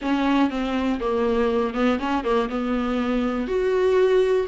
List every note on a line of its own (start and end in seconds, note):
0.01 0.50 C#4
0.50 0.99 C4
1.00 1.74 A#3
1.74 1.98 B3
1.99 2.23 C#4
2.23 2.48 A#3
2.49 3.47 B3
3.47 4.46 F#4